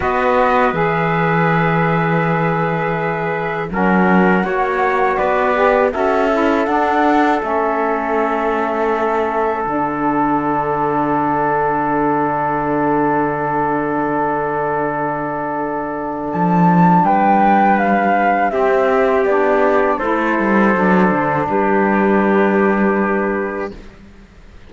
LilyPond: <<
  \new Staff \with { instrumentName = "flute" } { \time 4/4 \tempo 4 = 81 dis''4 e''2.~ | e''4 fis''2 d''4 | e''4 fis''4 e''2~ | e''4 fis''2.~ |
fis''1~ | fis''2 a''4 g''4 | f''4 e''4 d''4 c''4~ | c''4 b'2. | }
  \new Staff \with { instrumentName = "trumpet" } { \time 4/4 b'1~ | b'4 ais'4 cis''4 b'4 | a'1~ | a'1~ |
a'1~ | a'2. b'4~ | b'4 g'2 a'4~ | a'4 g'2. | }
  \new Staff \with { instrumentName = "saxophone" } { \time 4/4 fis'4 gis'2.~ | gis'4 cis'4 fis'4. g'8 | fis'8 e'8 d'4 cis'2~ | cis'4 d'2.~ |
d'1~ | d'1~ | d'4 c'4 d'4 e'4 | d'1 | }
  \new Staff \with { instrumentName = "cello" } { \time 4/4 b4 e2.~ | e4 fis4 ais4 b4 | cis'4 d'4 a2~ | a4 d2.~ |
d1~ | d2 f4 g4~ | g4 c'4 b4 a8 g8 | fis8 d8 g2. | }
>>